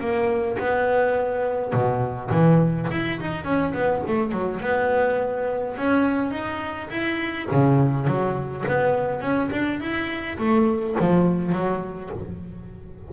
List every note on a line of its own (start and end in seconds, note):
0.00 0.58 A#3
0.58 1.73 B3
1.73 2.31 B2
2.31 2.89 E3
2.91 3.20 E4
3.20 3.44 D#4
3.44 3.73 C#4
3.74 4.03 B3
4.08 4.32 A3
4.32 4.61 F#3
4.61 5.76 B3
5.77 6.31 C#4
6.31 6.89 D#4
6.90 7.48 E4
7.51 8.07 C#3
8.07 8.65 F#3
8.68 9.21 B3
9.21 9.50 C#4
9.51 9.80 D4
9.80 10.38 E4
10.38 10.96 A3
11.00 11.52 F3
11.52 12.10 F#3